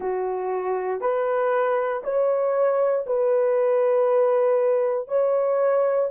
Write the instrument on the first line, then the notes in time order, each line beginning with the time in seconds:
horn
0.00 F#4
1.00 B4
2.03 C#5
3.06 B4
5.08 C#5